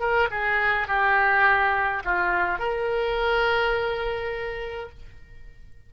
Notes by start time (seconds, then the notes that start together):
0.00 A#4
0.31 G#4
0.88 G4
2.05 F4
2.59 A#4